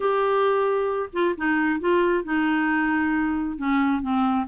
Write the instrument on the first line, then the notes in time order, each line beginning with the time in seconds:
clarinet
0.00 G4
1.12 F4
1.37 D#4
1.80 F4
2.23 D#4
3.57 C#4
4.02 C4